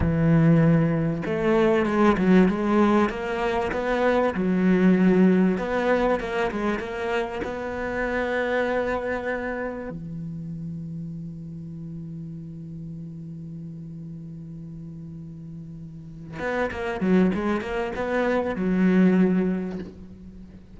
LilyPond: \new Staff \with { instrumentName = "cello" } { \time 4/4 \tempo 4 = 97 e2 a4 gis8 fis8 | gis4 ais4 b4 fis4~ | fis4 b4 ais8 gis8 ais4 | b1 |
e1~ | e1~ | e2~ e8 b8 ais8 fis8 | gis8 ais8 b4 fis2 | }